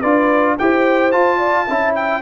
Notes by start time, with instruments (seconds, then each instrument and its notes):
0.00 tuba D4, trombone F4, horn B4, trumpet D5
0.58 tuba E4, trombone G4, horn C5, trumpet G5
1.11 trombone F4, tuba F4, trumpet A5
1.38 horn D5
1.66 tuba C#4, trombone E4, horn E5
1.95 trumpet G5